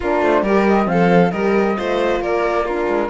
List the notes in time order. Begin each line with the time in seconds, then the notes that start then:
0.00 A#3 D4 F4 A#4
0.21 A3 C5
0.42 G3 G4 A#4 D5
0.67 D#5
0.85 F3 C4 F5
0.92 A4
1.31 G3 G4 A#4 D#5
1.76 A3 F4 C5
2.20 A#3 A#4 D5
2.64 D4 F4 A#4
2.87 G#3